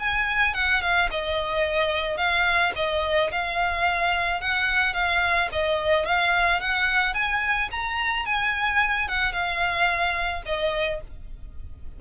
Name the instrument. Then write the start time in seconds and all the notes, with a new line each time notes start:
violin
0.00 G#5
0.54 F#5
0.82 F5
1.11 D#5
2.18 F5
2.76 D#5
3.32 F5
4.41 F#5
4.94 F5
5.52 D#5
6.06 F5
6.61 F#5
7.14 G#5
7.71 A#5
8.26 G#5
9.08 F#5
9.33 F5
10.46 D#5